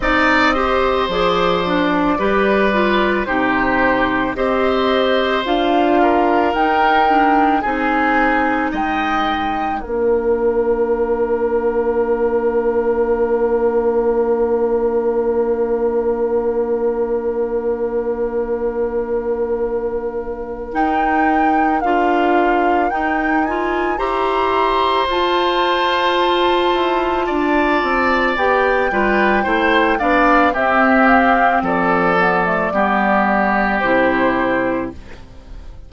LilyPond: <<
  \new Staff \with { instrumentName = "flute" } { \time 4/4 \tempo 4 = 55 dis''4 d''2 c''4 | dis''4 f''4 g''4 gis''4 | g''4 f''2.~ | f''1~ |
f''2. g''4 | f''4 g''8 gis''8 ais''4 a''4~ | a''2 g''4. f''8 | e''8 f''8 d''2 c''4 | }
  \new Staff \with { instrumentName = "oboe" } { \time 4/4 d''8 c''4. b'4 g'4 | c''4. ais'4. gis'4 | dis''4 ais'2.~ | ais'1~ |
ais'1~ | ais'2 c''2~ | c''4 d''4. b'8 c''8 d''8 | g'4 a'4 g'2 | }
  \new Staff \with { instrumentName = "clarinet" } { \time 4/4 dis'8 g'8 gis'8 d'8 g'8 f'8 dis'4 | g'4 f'4 dis'8 d'8 dis'4~ | dis'4 d'2.~ | d'1~ |
d'2. dis'4 | f'4 dis'8 f'8 g'4 f'4~ | f'2 g'8 f'8 e'8 d'8 | c'4. b16 a16 b4 e'4 | }
  \new Staff \with { instrumentName = "bassoon" } { \time 4/4 c'4 f4 g4 c4 | c'4 d'4 dis'4 c'4 | gis4 ais2.~ | ais1~ |
ais2. dis'4 | d'4 dis'4 e'4 f'4~ | f'8 e'8 d'8 c'8 b8 g8 a8 b8 | c'4 f4 g4 c4 | }
>>